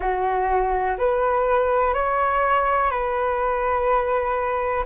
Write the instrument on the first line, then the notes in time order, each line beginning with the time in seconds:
flute
0.00 F#4
0.98 B4
1.94 C#5
2.90 B4